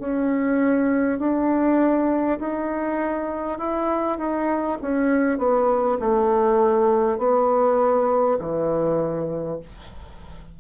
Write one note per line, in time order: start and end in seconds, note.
0.00 1.19 C#4
1.19 2.39 D4
2.40 3.59 D#4
3.59 4.18 E4
4.18 4.78 D#4
4.82 5.38 C#4
5.38 5.98 B3
6.00 7.19 A3
7.19 8.39 B3
8.39 9.59 E3